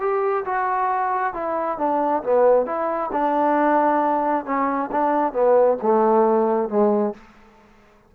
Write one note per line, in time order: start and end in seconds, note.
0.00 0.44 G4
0.45 1.34 F#4
1.34 1.78 E4
1.78 2.22 D4
2.23 2.66 B3
2.66 3.10 E4
3.13 4.45 D4
4.45 4.90 C#4
4.92 5.33 D4
5.33 5.77 B3
5.82 6.69 A3
6.69 7.14 G#3